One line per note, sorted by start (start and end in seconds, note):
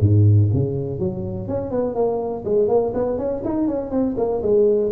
0.00 0.49 G#2
0.53 0.99 C#3
0.99 1.48 F#3
1.48 1.71 C#4
1.71 1.94 B3
1.94 2.44 A#3
2.45 2.68 G#3
2.68 2.93 A#3
2.94 3.18 B3
3.18 3.42 C#4
3.44 3.68 D#4
3.68 3.91 C#4
3.91 4.15 C4
4.17 4.42 A#3
4.42 4.91 G#3